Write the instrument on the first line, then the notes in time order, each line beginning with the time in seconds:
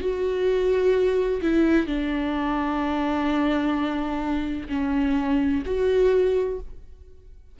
viola
0.00 F#4
1.41 E4
1.86 D4
4.69 C#4
5.65 F#4